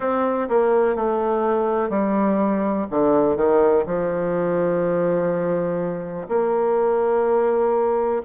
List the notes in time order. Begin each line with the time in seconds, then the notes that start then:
0.00 C4
0.48 A#3
0.95 A3
1.89 G3
2.90 D3
3.36 D#3
3.86 F3
6.28 A#3